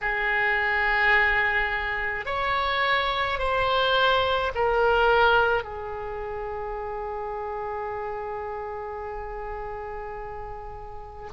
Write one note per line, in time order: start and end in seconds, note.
0.01 2.25 G#4
2.25 3.39 C#5
3.39 4.52 C5
4.54 5.63 A#4
5.63 11.29 G#4